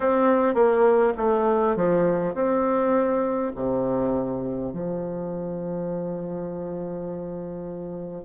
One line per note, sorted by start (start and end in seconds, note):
0.00 0.54 C4
0.54 1.13 A#3
1.17 1.75 A3
1.75 2.34 F3
2.34 3.51 C4
3.56 4.72 C3
4.72 8.24 F3